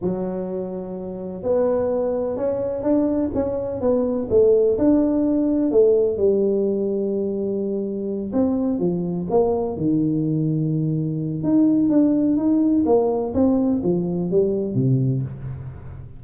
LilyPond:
\new Staff \with { instrumentName = "tuba" } { \time 4/4 \tempo 4 = 126 fis2. b4~ | b4 cis'4 d'4 cis'4 | b4 a4 d'2 | a4 g2.~ |
g4. c'4 f4 ais8~ | ais8 dis2.~ dis8 | dis'4 d'4 dis'4 ais4 | c'4 f4 g4 c4 | }